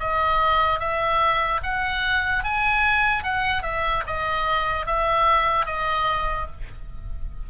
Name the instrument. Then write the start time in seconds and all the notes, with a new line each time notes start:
oboe
0.00 D#5
0.80 E5
1.63 F#5
2.44 G#5
3.24 F#5
3.63 E5
4.07 D#5
4.86 E5
5.66 D#5